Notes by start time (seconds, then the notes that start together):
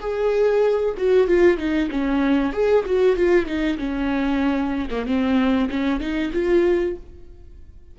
0.00 G#4
0.97 F#4
1.27 F4
1.58 D#4
1.91 C#4
2.53 G#4
2.86 F#4
3.16 F4
3.46 D#4
3.78 C#4
4.91 A#3
5.06 C4
5.70 C#4
6.00 D#4
6.33 F4